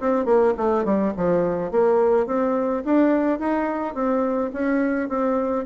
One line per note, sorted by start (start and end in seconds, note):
0.00 0.25 C4
0.25 0.54 A#3
0.57 0.85 A3
0.85 1.13 G3
1.17 1.71 F3
1.71 2.27 A#3
2.27 2.83 C4
2.85 3.39 D4
3.39 3.95 D#4
3.95 4.51 C4
4.53 5.09 C#4
5.09 5.66 C4